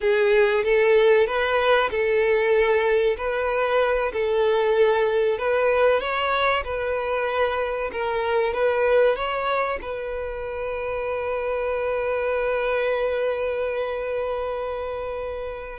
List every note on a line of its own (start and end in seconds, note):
0.00 0.63 G#4
0.63 1.26 A4
1.26 1.89 B4
1.90 3.16 A4
3.17 4.11 B4
4.12 5.38 A4
5.38 6.00 B4
6.00 6.63 C#5
6.64 7.90 B4
7.91 8.53 A#4
8.53 9.16 B4
9.16 9.79 C#5
9.81 15.79 B4